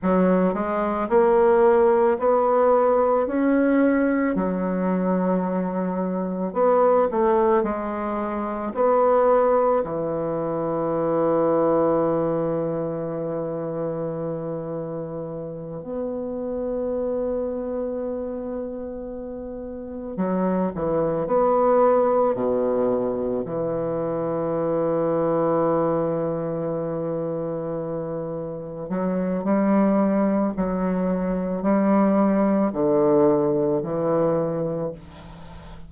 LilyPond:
\new Staff \with { instrumentName = "bassoon" } { \time 4/4 \tempo 4 = 55 fis8 gis8 ais4 b4 cis'4 | fis2 b8 a8 gis4 | b4 e2.~ | e2~ e8 b4.~ |
b2~ b8 fis8 e8 b8~ | b8 b,4 e2~ e8~ | e2~ e8 fis8 g4 | fis4 g4 d4 e4 | }